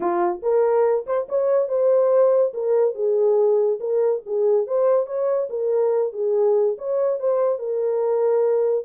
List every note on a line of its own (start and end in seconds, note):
0.00 0.41 F4
0.42 1.05 A#4
1.06 1.27 C5
1.28 1.68 C#5
1.68 2.52 C5
2.53 2.94 A#4
2.94 3.79 G#4
3.80 4.22 A#4
4.25 4.66 G#4
4.66 5.06 C5
5.06 5.48 C#5
5.49 6.12 A#4
6.12 6.76 G#4
6.77 7.19 C#5
7.19 7.58 C5
7.58 8.84 A#4